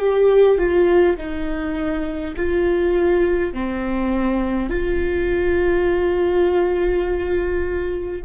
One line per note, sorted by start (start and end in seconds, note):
0.00 0.58 G4
0.58 1.17 F4
1.17 2.35 D#4
2.36 3.53 F4
3.53 4.70 C4
4.70 8.22 F4